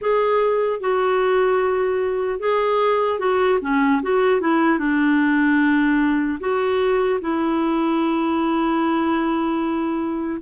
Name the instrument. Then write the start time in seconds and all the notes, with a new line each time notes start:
clarinet
0.01 G#4
0.80 F#4
2.39 G#4
3.19 F#4
3.61 C#4
4.02 F#4
4.40 E4
4.78 D4
6.40 F#4
7.21 E4